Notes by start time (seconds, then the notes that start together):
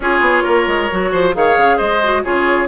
0.00 C#4 F4 G#4 C#5
0.20 B3
0.43 A#3 A#4
0.67 G#3
0.91 F#3 F#4
1.12 F3 C5
1.33 D#3 G#4 C#5 F5
1.57 C#3
1.77 G#3 C5 D#5
2.03 F#4
2.23 C#3 F4 G#4 C#5